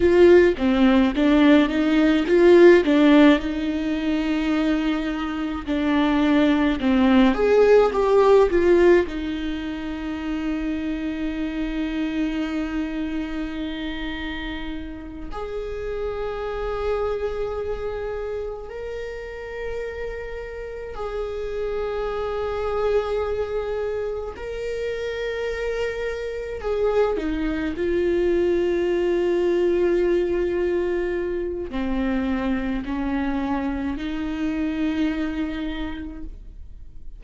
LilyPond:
\new Staff \with { instrumentName = "viola" } { \time 4/4 \tempo 4 = 53 f'8 c'8 d'8 dis'8 f'8 d'8 dis'4~ | dis'4 d'4 c'8 gis'8 g'8 f'8 | dis'1~ | dis'4. gis'2~ gis'8~ |
gis'8 ais'2 gis'4.~ | gis'4. ais'2 gis'8 | dis'8 f'2.~ f'8 | c'4 cis'4 dis'2 | }